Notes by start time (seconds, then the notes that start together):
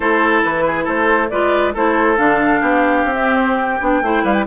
0.00 A3 E4 A4 C5
0.43 E3 B4
0.66 G#4
0.83 A3 A4 C5
1.29 G#3 F4 B4 D5
1.74 A3 E4 A4 C5
2.16 D3 D4 F5
2.60 B3 G4
3.04 C4
3.14 C4 E5
3.35 C5
3.60 G5
3.80 B3 D4
4.01 A3 E4 C5
4.23 G3 B4 F5
4.33 G5